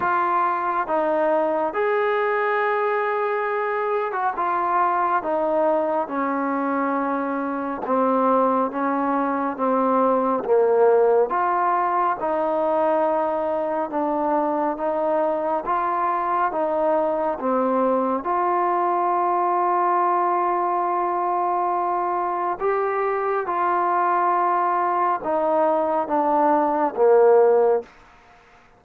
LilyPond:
\new Staff \with { instrumentName = "trombone" } { \time 4/4 \tempo 4 = 69 f'4 dis'4 gis'2~ | gis'8. fis'16 f'4 dis'4 cis'4~ | cis'4 c'4 cis'4 c'4 | ais4 f'4 dis'2 |
d'4 dis'4 f'4 dis'4 | c'4 f'2.~ | f'2 g'4 f'4~ | f'4 dis'4 d'4 ais4 | }